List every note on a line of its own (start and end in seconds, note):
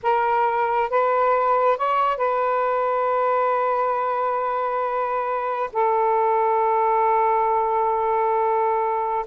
0.02 0.90 A#4
0.90 1.77 B4
1.77 2.17 C#5
2.17 5.70 B4
5.72 9.25 A4